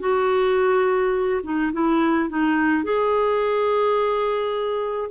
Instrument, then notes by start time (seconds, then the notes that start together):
clarinet
0.00 F#4
1.44 D#4
1.73 E4
2.30 D#4
2.84 G#4